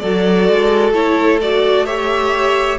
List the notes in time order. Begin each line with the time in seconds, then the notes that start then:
0.00 F#3 F#4 A4 D5
0.49 G#3
0.92 A3 E4 C#5
1.42 F#4 D5
1.86 G4 C#5 E5